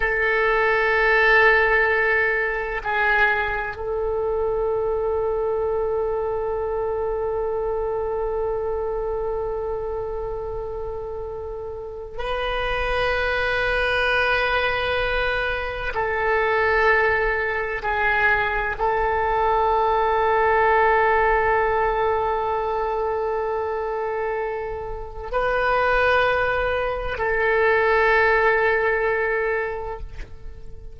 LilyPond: \new Staff \with { instrumentName = "oboe" } { \time 4/4 \tempo 4 = 64 a'2. gis'4 | a'1~ | a'1~ | a'4 b'2.~ |
b'4 a'2 gis'4 | a'1~ | a'2. b'4~ | b'4 a'2. | }